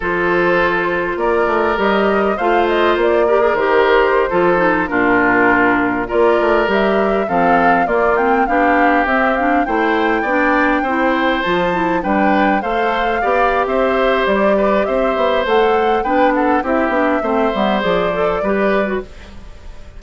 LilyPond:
<<
  \new Staff \with { instrumentName = "flute" } { \time 4/4 \tempo 4 = 101 c''2 d''4 dis''4 | f''8 dis''8 d''4 c''2~ | c''16 ais'2 d''4 e''8.~ | e''16 f''4 d''8 g''8 f''4 e''8 f''16~ |
f''16 g''2. a''8.~ | a''16 g''4 f''4.~ f''16 e''4 | d''4 e''4 fis''4 g''8 fis''8 | e''2 d''2 | }
  \new Staff \with { instrumentName = "oboe" } { \time 4/4 a'2 ais'2 | c''4. ais'4.~ ais'16 a'8.~ | a'16 f'2 ais'4.~ ais'16~ | ais'16 a'4 f'4 g'4.~ g'16~ |
g'16 c''4 d''4 c''4.~ c''16~ | c''16 b'4 c''4 d''8. c''4~ | c''8 b'8 c''2 b'8 a'8 | g'4 c''2 b'4 | }
  \new Staff \with { instrumentName = "clarinet" } { \time 4/4 f'2. g'4 | f'4. g'16 gis'16 g'4~ g'16 f'8 dis'16~ | dis'16 d'2 f'4 g'8.~ | g'16 c'4 ais8 c'8 d'4 c'8 d'16~ |
d'16 e'4 d'4 e'4 f'8 e'16~ | e'16 d'4 a'4 g'4.~ g'16~ | g'2 a'4 d'4 | e'8 d'8 c'8 b8 gis'8 a'8 g'8. fis'16 | }
  \new Staff \with { instrumentName = "bassoon" } { \time 4/4 f2 ais8 a8 g4 | a4 ais4 dis4~ dis16 f8.~ | f16 ais,2 ais8 a8 g8.~ | g16 f4 ais4 b4 c'8.~ |
c'16 a4 b4 c'4 f8.~ | f16 g4 a4 b8. c'4 | g4 c'8 b8 a4 b4 | c'8 b8 a8 g8 f4 g4 | }
>>